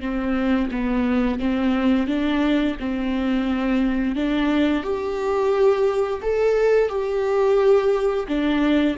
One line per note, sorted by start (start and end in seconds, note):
0.00 0.69 C4
0.71 1.39 B3
1.39 2.07 C4
2.07 2.76 D4
2.79 4.15 C4
4.15 4.83 D4
4.83 6.21 G4
6.21 6.88 A4
6.88 8.26 G4
8.28 8.97 D4